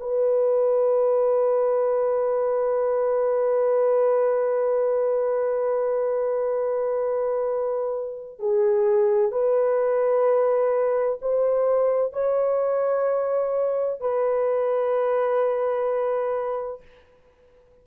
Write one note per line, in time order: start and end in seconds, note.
0.00 8.39 B4
8.39 9.32 G#4
9.32 11.19 B4
11.22 12.13 C5
12.13 14.00 C#5
14.00 16.82 B4